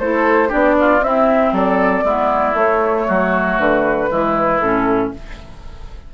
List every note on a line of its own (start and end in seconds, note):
0.00 0.51 A3
0.00 0.49 E4
0.00 0.49 A4
0.00 0.52 C5
0.49 1.01 B3
0.49 1.00 D4
0.49 0.75 G4
0.49 1.04 D5
0.80 1.05 F4
1.01 1.52 C4
1.01 2.06 C4
1.01 1.54 E4
1.01 1.55 E5
1.53 2.04 F#3
1.53 2.05 A4
1.53 2.58 D5
2.04 2.54 G#3
2.04 2.53 B3
2.04 3.07 E4
2.53 4.07 A3
2.53 3.06 A3
2.53 3.60 C#5
3.08 3.59 F#3
3.08 4.10 F#4
3.59 4.10 D3
3.59 4.61 B4
4.07 4.61 E3
4.07 4.59 G#3
4.07 5.14 E4
4.61 5.13 A2
4.61 5.14 C#4
4.61 5.12 A4